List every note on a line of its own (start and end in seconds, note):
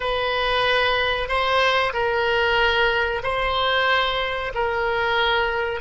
0.00 1.28 B4
1.28 1.92 C5
1.93 3.22 A#4
3.23 4.52 C5
4.54 5.80 A#4